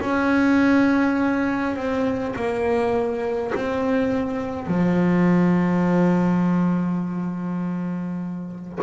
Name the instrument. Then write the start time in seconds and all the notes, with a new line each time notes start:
double bass
0.00 C#4
1.75 C4
2.35 A#3
3.55 C4
4.67 F3